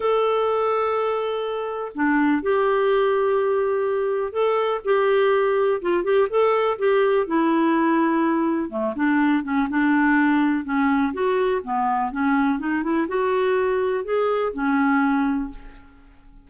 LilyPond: \new Staff \with { instrumentName = "clarinet" } { \time 4/4 \tempo 4 = 124 a'1 | d'4 g'2.~ | g'4 a'4 g'2 | f'8 g'8 a'4 g'4 e'4~ |
e'2 a8 d'4 cis'8 | d'2 cis'4 fis'4 | b4 cis'4 dis'8 e'8 fis'4~ | fis'4 gis'4 cis'2 | }